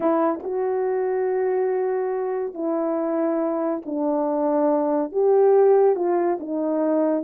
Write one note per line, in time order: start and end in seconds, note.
0.00 0.39 E4
0.43 2.54 F#4
2.54 3.81 E4
3.85 5.12 D4
5.12 5.95 G4
5.95 6.38 F4
6.39 7.23 D#4